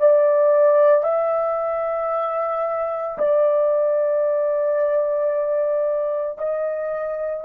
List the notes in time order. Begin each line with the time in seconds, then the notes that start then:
0.00 D5
1.04 E5
3.19 D5
6.39 D#5